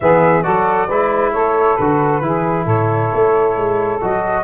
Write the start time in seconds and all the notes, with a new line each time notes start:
0.00 E3 B3 G#4 E5
0.42 F#3 F#4 A4 D5
0.87 G#3 E4 B4
1.32 A3 A4 C#5
1.76 D3 F#4 B4
2.21 E3 E4 G#4
2.64 A2 A4 C#5
3.13 A3
3.56 G#3
4.01 F#3 F#4 D#5